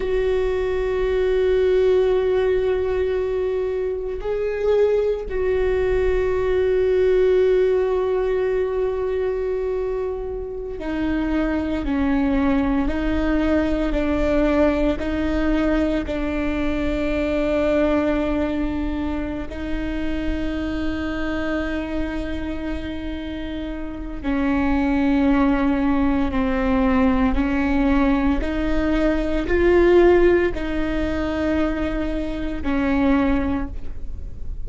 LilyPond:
\new Staff \with { instrumentName = "viola" } { \time 4/4 \tempo 4 = 57 fis'1 | gis'4 fis'2.~ | fis'2~ fis'16 dis'4 cis'8.~ | cis'16 dis'4 d'4 dis'4 d'8.~ |
d'2~ d'8 dis'4.~ | dis'2. cis'4~ | cis'4 c'4 cis'4 dis'4 | f'4 dis'2 cis'4 | }